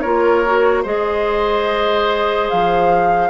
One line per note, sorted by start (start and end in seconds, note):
0.00 0.85 A#3
0.00 0.45 F4
0.00 0.82 A#4
0.00 0.82 C#5
0.45 0.84 F#4
0.82 2.49 G#3
0.82 3.29 G#4
0.82 3.29 C5
0.82 2.49 D#5
2.49 3.29 F3
2.49 3.29 F5